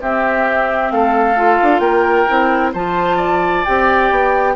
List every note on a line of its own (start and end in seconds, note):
0.00 1.36 C4
0.00 0.91 C4
0.00 0.92 G4
0.00 0.91 E5
0.91 1.59 A3
0.91 1.81 A4
0.91 1.79 F5
1.36 2.27 F4
1.62 1.79 D4
1.79 2.25 A#3
1.79 2.72 A#4
1.79 2.70 G5
2.27 2.74 C4
2.27 2.73 E4
2.73 3.65 F3
2.73 3.66 F4
2.73 3.16 C5
2.73 3.65 A5
3.16 4.53 D5
3.65 4.10 C4
3.65 4.56 G4
3.65 4.56 G5
4.10 4.56 B3